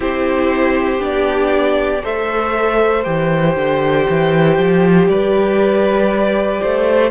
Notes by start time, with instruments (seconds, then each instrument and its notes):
0.00 cello C4, viola E4, violin G4 C5
0.99 cello B3, viola D4, violin D5
2.02 cello A3, viola A4, violin C5 E5
3.04 cello E3, viola G4, violin G5
3.56 cello D3
4.09 cello E3
4.58 cello F3
5.07 cello G3, violin B4 D5
6.61 cello A3, violin C5